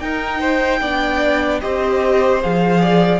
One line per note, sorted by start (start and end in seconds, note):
0.00 0.81 D#4
0.00 0.82 D#4
0.00 0.41 A#4
0.00 1.60 G5
0.41 0.81 C5
0.81 1.61 B3
0.81 1.62 D4
0.81 1.61 D5
1.61 2.44 C4
1.61 2.42 G4
1.61 2.82 C5
1.61 2.41 D#5
2.43 3.20 F3
2.43 3.20 G#4
2.43 3.20 F5
2.82 3.20 D5